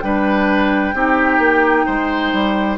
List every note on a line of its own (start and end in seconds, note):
0.00 0.94 G3
0.00 0.94 D4
0.00 0.95 B4
0.00 2.77 G5
0.94 1.39 C4
0.94 2.78 D#4
0.94 1.86 G4
1.39 1.85 A#3
1.86 2.33 G#3
1.86 2.78 C5
2.33 2.78 G3